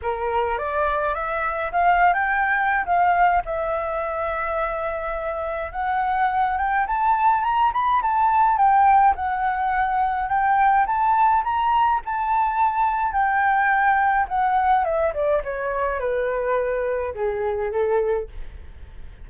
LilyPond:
\new Staff \with { instrumentName = "flute" } { \time 4/4 \tempo 4 = 105 ais'4 d''4 e''4 f''8. g''16~ | g''4 f''4 e''2~ | e''2 fis''4. g''8 | a''4 ais''8 b''8 a''4 g''4 |
fis''2 g''4 a''4 | ais''4 a''2 g''4~ | g''4 fis''4 e''8 d''8 cis''4 | b'2 gis'4 a'4 | }